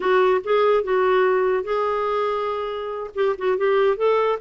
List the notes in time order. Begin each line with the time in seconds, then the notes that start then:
0.00 F#4
0.44 G#4
0.83 F#4
1.63 G#4
3.14 G4
3.38 F#4
3.57 G4
3.97 A4